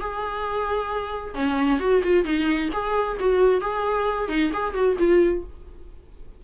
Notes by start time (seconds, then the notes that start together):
0.00 G#4
1.34 C#4
1.80 F#4
2.03 F4
2.24 D#4
2.73 G#4
3.19 F#4
3.61 G#4
4.29 D#4
4.53 G#4
4.74 F#4
4.98 F4